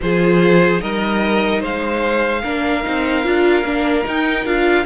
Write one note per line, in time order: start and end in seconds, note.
0.01 0.82 F3
0.01 0.79 F4
0.01 0.81 G#4
0.01 0.81 C5
0.79 1.62 G3
0.79 2.42 D#4
0.79 1.60 A#4
0.79 1.62 D#5
1.60 2.43 G#3
1.60 2.41 C5
1.60 4.07 F5
2.42 2.85 A#3
2.42 2.83 D4
2.42 4.85 A#4
2.83 3.25 C4
2.83 3.23 D#4
3.23 3.63 D4
3.23 3.64 F4
3.63 4.04 A#3
3.63 4.04 D4
4.04 4.44 D#4
4.04 4.45 D#4
4.04 4.45 G5
4.45 4.85 D4
4.45 4.85 F4
4.45 4.85 F5